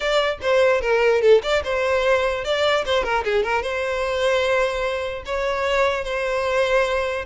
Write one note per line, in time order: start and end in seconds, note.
0.00 0.38 D5
0.41 0.81 C5
0.81 1.21 A#4
1.21 1.41 A4
1.42 1.63 D5
1.63 2.44 C5
2.44 2.84 D5
2.85 3.03 C5
3.03 3.23 A#4
3.24 3.43 G#4
3.43 3.62 A#4
3.62 5.23 C5
5.25 6.04 C#5
6.04 7.25 C5